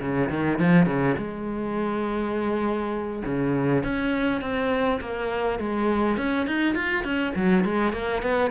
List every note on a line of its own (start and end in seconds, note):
0.00 0.29 C#3
0.30 0.59 D#3
0.59 0.86 F3
0.86 1.16 C#3
1.18 3.24 G#3
3.25 3.84 C#3
3.84 4.41 C#4
4.41 5.00 C4
5.01 5.59 A#3
5.59 6.17 G#3
6.17 6.47 C#4
6.47 6.75 D#4
6.75 7.04 F4
7.04 7.33 C#4
7.36 7.65 F#3
7.65 7.93 G#3
7.93 8.22 A#3
8.23 8.51 B3